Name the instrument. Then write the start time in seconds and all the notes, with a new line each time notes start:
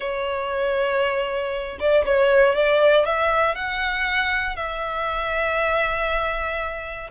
violin
0.00 C#5
1.79 D5
2.05 C#5
2.54 D5
3.05 E5
3.55 F#5
4.56 E5